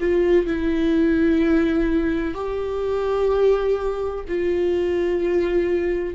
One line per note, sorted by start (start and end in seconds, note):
0.00 0.46 F4
0.46 2.34 E4
2.34 4.25 G4
4.28 6.15 F4